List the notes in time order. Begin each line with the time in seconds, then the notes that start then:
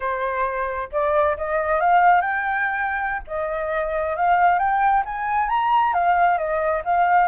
0.00 C5
0.92 D5
1.37 D#5
1.80 F5
2.21 G5
3.27 D#5
4.16 F5
4.59 G5
5.05 G#5
5.48 A#5
5.93 F5
6.37 D#5
6.84 F5